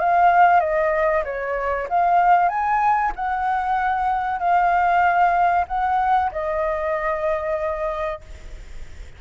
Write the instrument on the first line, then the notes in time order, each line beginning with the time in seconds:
flute
0.00 F5
0.60 D#5
1.25 C#5
1.90 F5
2.49 G#5
3.16 F#5
4.40 F5
5.68 F#5
6.32 D#5